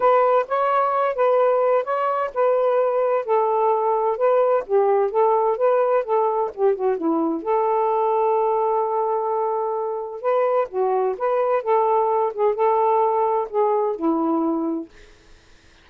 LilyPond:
\new Staff \with { instrumentName = "saxophone" } { \time 4/4 \tempo 4 = 129 b'4 cis''4. b'4. | cis''4 b'2 a'4~ | a'4 b'4 g'4 a'4 | b'4 a'4 g'8 fis'8 e'4 |
a'1~ | a'2 b'4 fis'4 | b'4 a'4. gis'8 a'4~ | a'4 gis'4 e'2 | }